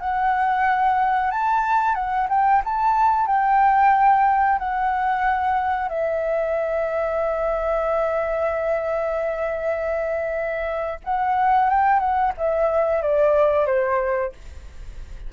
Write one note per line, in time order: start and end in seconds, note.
0.00 1.31 F#5
1.31 1.95 A5
1.95 2.27 F#5
2.29 2.62 G5
2.64 3.26 A5
3.26 4.58 G5
4.58 5.89 F#5
5.89 11.00 E5
11.04 11.69 F#5
11.69 11.99 G5
11.99 12.32 F#5
12.37 13.02 E5
13.02 13.66 D5
13.66 14.32 C5